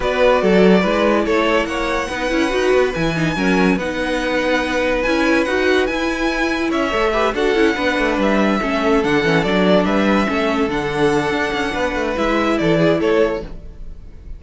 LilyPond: <<
  \new Staff \with { instrumentName = "violin" } { \time 4/4 \tempo 4 = 143 d''2. cis''4 | fis''2. gis''4~ | gis''4 fis''2. | gis''4 fis''4 gis''2 |
e''4. fis''2 e''8~ | e''4. fis''4 d''4 e''8~ | e''4. fis''2~ fis''8~ | fis''4 e''4 d''4 cis''4 | }
  \new Staff \with { instrumentName = "violin" } { \time 4/4 b'4 a'4 b'4 a'4 | cis''4 b'2. | ais'4 b'2.~ | b'1 |
cis''4 b'8 a'4 b'4.~ | b'8 a'2. b'8~ | b'8 a'2.~ a'8 | b'2 a'8 gis'8 a'4 | }
  \new Staff \with { instrumentName = "viola" } { \time 4/4 fis'2 e'2~ | e'4 dis'8 e'8 fis'4 e'8 dis'8 | cis'4 dis'2. | e'4 fis'4 e'2~ |
e'8 a'8 g'8 fis'8 e'8 d'4.~ | d'8 cis'4 d'8 cis'8 d'4.~ | d'8 cis'4 d'2~ d'8~ | d'4 e'2. | }
  \new Staff \with { instrumentName = "cello" } { \time 4/4 b4 fis4 gis4 a4 | ais4 b8 cis'8 dis'8 b8 e4 | fis4 b2. | cis'4 dis'4 e'2 |
cis'8 a4 d'8 cis'8 b8 a8 g8~ | g8 a4 d8 e8 fis4 g8~ | g8 a4 d4. d'8 cis'8 | b8 a8 gis4 e4 a4 | }
>>